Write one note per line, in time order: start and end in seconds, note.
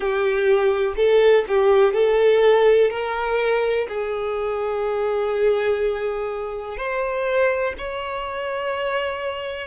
0.00 0.94 G4
0.96 1.44 A4
1.48 1.94 G4
1.94 2.90 A4
2.90 3.87 A#4
3.88 6.77 G#4
6.77 7.73 C5
7.77 9.67 C#5